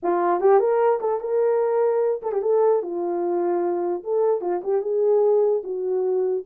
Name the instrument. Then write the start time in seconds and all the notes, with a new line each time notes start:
horn
0.02 F4
0.40 G4
0.59 A#4
1.00 A4
1.20 A#4
2.22 A4
2.32 G4
2.42 A4
2.82 F4
4.03 A4
4.41 F4
4.63 G4
4.81 G#4
5.63 F#4